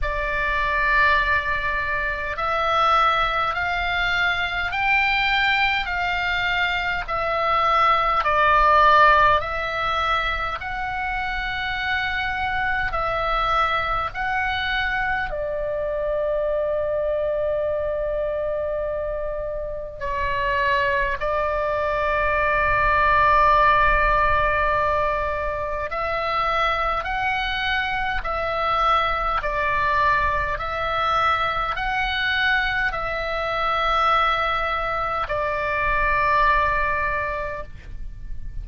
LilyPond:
\new Staff \with { instrumentName = "oboe" } { \time 4/4 \tempo 4 = 51 d''2 e''4 f''4 | g''4 f''4 e''4 d''4 | e''4 fis''2 e''4 | fis''4 d''2.~ |
d''4 cis''4 d''2~ | d''2 e''4 fis''4 | e''4 d''4 e''4 fis''4 | e''2 d''2 | }